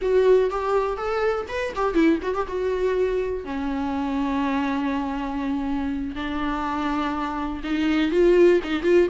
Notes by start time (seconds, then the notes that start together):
0.01 F#4
0.50 G4
0.97 A4
1.48 B4
1.75 G4
1.94 E4
2.22 F#4
2.34 G4
2.47 F#4
3.44 C#4
6.15 D4
7.63 D#4
8.11 F4
8.63 D#4
8.83 F4